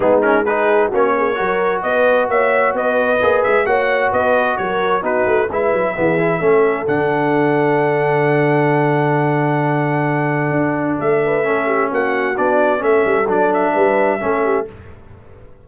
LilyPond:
<<
  \new Staff \with { instrumentName = "trumpet" } { \time 4/4 \tempo 4 = 131 gis'8 ais'8 b'4 cis''2 | dis''4 e''4 dis''4. e''8 | fis''4 dis''4 cis''4 b'4 | e''2. fis''4~ |
fis''1~ | fis''1 | e''2 fis''4 d''4 | e''4 d''8 e''2~ e''8 | }
  \new Staff \with { instrumentName = "horn" } { \time 4/4 dis'4 gis'4 fis'8 gis'8 ais'4 | b'4 cis''4 b'2 | cis''4 b'4 ais'4 fis'4 | b'4 gis'4 a'2~ |
a'1~ | a'1~ | a'8 b'8 a'8 g'8 fis'2 | a'2 b'4 a'8 g'8 | }
  \new Staff \with { instrumentName = "trombone" } { \time 4/4 b8 cis'8 dis'4 cis'4 fis'4~ | fis'2. gis'4 | fis'2. dis'4 | e'4 b8 e'8 cis'4 d'4~ |
d'1~ | d'1~ | d'4 cis'2 d'4 | cis'4 d'2 cis'4 | }
  \new Staff \with { instrumentName = "tuba" } { \time 4/4 gis2 ais4 fis4 | b4 ais4 b4 ais8 gis8 | ais4 b4 fis4 b8 a8 | gis8 fis8 e4 a4 d4~ |
d1~ | d2. d'4 | a2 ais4 b4 | a8 g8 fis4 g4 a4 | }
>>